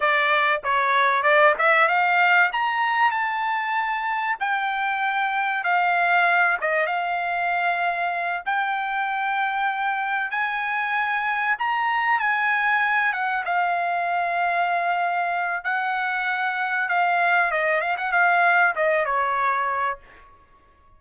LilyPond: \new Staff \with { instrumentName = "trumpet" } { \time 4/4 \tempo 4 = 96 d''4 cis''4 d''8 e''8 f''4 | ais''4 a''2 g''4~ | g''4 f''4. dis''8 f''4~ | f''4. g''2~ g''8~ |
g''8 gis''2 ais''4 gis''8~ | gis''4 fis''8 f''2~ f''8~ | f''4 fis''2 f''4 | dis''8 f''16 fis''16 f''4 dis''8 cis''4. | }